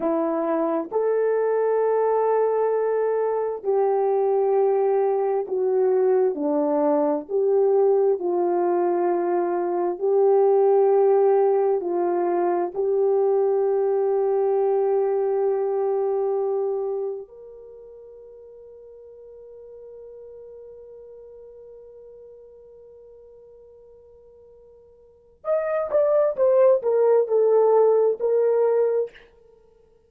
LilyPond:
\new Staff \with { instrumentName = "horn" } { \time 4/4 \tempo 4 = 66 e'4 a'2. | g'2 fis'4 d'4 | g'4 f'2 g'4~ | g'4 f'4 g'2~ |
g'2. ais'4~ | ais'1~ | ais'1 | dis''8 d''8 c''8 ais'8 a'4 ais'4 | }